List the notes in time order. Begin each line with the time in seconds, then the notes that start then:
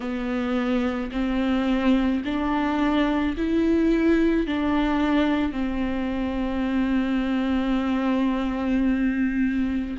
0.00 B3
1.11 C4
2.24 D4
3.37 E4
4.46 D4
5.52 C4